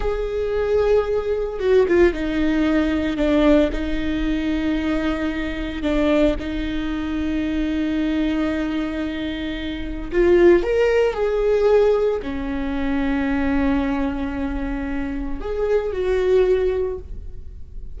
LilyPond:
\new Staff \with { instrumentName = "viola" } { \time 4/4 \tempo 4 = 113 gis'2. fis'8 f'8 | dis'2 d'4 dis'4~ | dis'2. d'4 | dis'1~ |
dis'2. f'4 | ais'4 gis'2 cis'4~ | cis'1~ | cis'4 gis'4 fis'2 | }